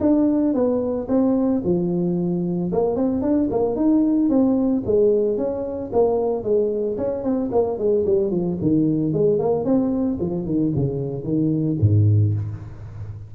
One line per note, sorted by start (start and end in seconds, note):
0.00 0.54 D4
0.54 1.07 B3
1.08 1.62 C4
1.64 2.71 F3
2.72 2.95 A#3
2.95 3.21 C4
3.21 3.48 D4
3.50 3.75 A#3
3.75 4.29 D#4
4.29 4.83 C4
4.86 5.37 G#3
5.37 5.91 C#4
5.92 6.43 A#3
6.43 6.96 G#3
6.97 7.23 C#4
7.23 7.50 C4
7.51 7.78 A#3
7.78 8.05 G#3
8.06 8.31 G3
8.31 8.57 F3
8.61 9.13 D#3
9.13 9.39 G#3
9.39 9.64 A#3
9.64 10.18 C4
10.20 10.45 F3
10.45 10.72 D#3
10.75 11.23 C#3
11.23 11.77 D#3
11.80 12.34 G#2